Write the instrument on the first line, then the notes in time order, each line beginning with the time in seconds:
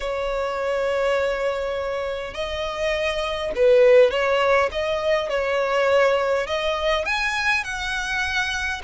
violin
0.00 C#5
2.33 D#5
3.55 B4
4.10 C#5
4.71 D#5
5.29 C#5
6.47 D#5
7.05 G#5
7.64 F#5